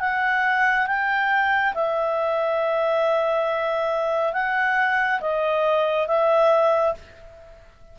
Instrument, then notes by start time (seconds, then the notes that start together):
clarinet
0.00 F#5
0.87 G5
1.74 E5
4.33 F#5
5.21 D#5
6.07 E5